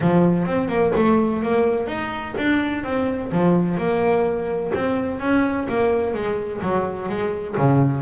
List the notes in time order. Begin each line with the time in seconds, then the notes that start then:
0.00 F3
0.46 C4
0.68 A#3
0.95 A3
1.43 A#3
1.87 D#4
2.37 D4
2.83 C4
3.32 F3
3.77 A#3
4.74 C4
5.20 C#4
5.68 A#3
6.14 G#3
6.62 F#3
7.08 G#3
7.57 C#3